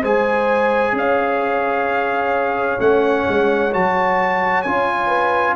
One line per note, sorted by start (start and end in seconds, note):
0.00 0.92 G#3
0.00 2.79 G#4
0.00 0.92 C5
0.00 0.97 G#5
0.92 2.77 C#4
0.92 5.06 C#5
0.92 2.80 F5
2.79 3.26 A3
2.79 3.71 C#4
2.79 3.73 F#5
3.28 3.74 G#3
3.73 4.65 F#3
3.73 4.65 F#4
3.73 4.62 A5
4.62 5.55 C#4
4.62 5.55 F4
4.62 5.54 G#5
5.06 5.52 B4